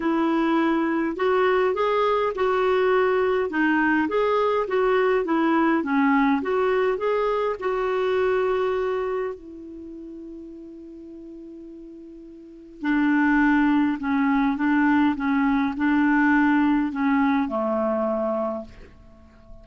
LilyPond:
\new Staff \with { instrumentName = "clarinet" } { \time 4/4 \tempo 4 = 103 e'2 fis'4 gis'4 | fis'2 dis'4 gis'4 | fis'4 e'4 cis'4 fis'4 | gis'4 fis'2. |
e'1~ | e'2 d'2 | cis'4 d'4 cis'4 d'4~ | d'4 cis'4 a2 | }